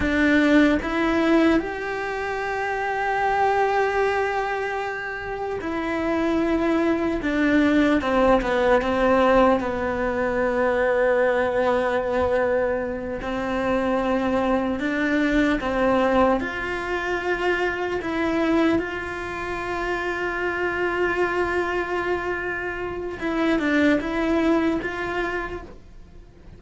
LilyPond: \new Staff \with { instrumentName = "cello" } { \time 4/4 \tempo 4 = 75 d'4 e'4 g'2~ | g'2. e'4~ | e'4 d'4 c'8 b8 c'4 | b1~ |
b8 c'2 d'4 c'8~ | c'8 f'2 e'4 f'8~ | f'1~ | f'4 e'8 d'8 e'4 f'4 | }